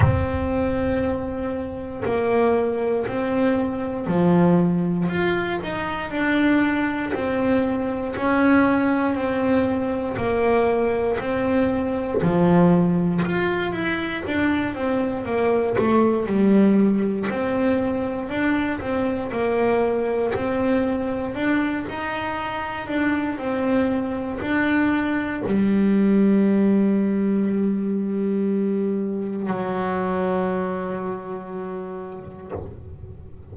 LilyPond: \new Staff \with { instrumentName = "double bass" } { \time 4/4 \tempo 4 = 59 c'2 ais4 c'4 | f4 f'8 dis'8 d'4 c'4 | cis'4 c'4 ais4 c'4 | f4 f'8 e'8 d'8 c'8 ais8 a8 |
g4 c'4 d'8 c'8 ais4 | c'4 d'8 dis'4 d'8 c'4 | d'4 g2.~ | g4 fis2. | }